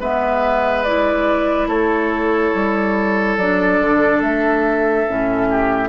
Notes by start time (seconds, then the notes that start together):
0.00 G#3 B3 B4 E5
0.84 E4 D5
1.67 A3 A4 C#5
2.55 G3
3.38 F#3 D4 D5
3.80 D3
4.21 A3 E5
5.07 A2 C#4
5.50 G4